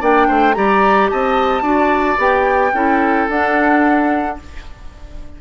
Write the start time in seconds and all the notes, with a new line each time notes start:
0.00 A#3 D4 D5 G5
0.28 A3 C5
0.54 G3 G4 D5 A#5
1.09 C4 D#5 A5
1.62 D4 F#4 D5
2.17 B3 G4 G5
2.72 C#4 E4 A4
3.29 D4 F#5